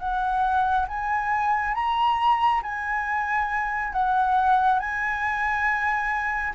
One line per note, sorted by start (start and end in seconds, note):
0.00 0.87 F#5
0.88 1.75 G#5
1.75 2.62 A#5
2.63 3.93 G#5
3.93 4.80 F#5
4.80 6.54 G#5